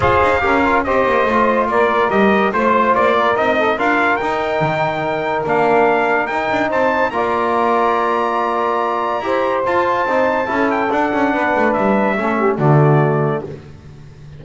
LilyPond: <<
  \new Staff \with { instrumentName = "trumpet" } { \time 4/4 \tempo 4 = 143 f''2 dis''2 | d''4 dis''4 c''4 d''4 | dis''4 f''4 g''2~ | g''4 f''2 g''4 |
a''4 ais''2.~ | ais''2. a''4~ | a''4. g''8 fis''2 | e''2 d''2 | }
  \new Staff \with { instrumentName = "saxophone" } { \time 4/4 c''4 ais'4 c''2 | ais'2 c''4. ais'8~ | ais'8 a'8 ais'2.~ | ais'1 |
c''4 d''2.~ | d''2 c''2~ | c''4 a'2 b'4~ | b'4 a'8 g'8 fis'2 | }
  \new Staff \with { instrumentName = "trombone" } { \time 4/4 gis'4 g'8 f'8 g'4 f'4~ | f'4 g'4 f'2 | dis'4 f'4 dis'2~ | dis'4 d'2 dis'4~ |
dis'4 f'2.~ | f'2 g'4 f'4 | dis'4 e'4 d'2~ | d'4 cis'4 a2 | }
  \new Staff \with { instrumentName = "double bass" } { \time 4/4 f'8 dis'8 cis'4 c'8 ais8 a4 | ais4 g4 a4 ais4 | c'4 d'4 dis'4 dis4~ | dis4 ais2 dis'8 d'8 |
c'4 ais2.~ | ais2 e'4 f'4 | c'4 cis'4 d'8 cis'8 b8 a8 | g4 a4 d2 | }
>>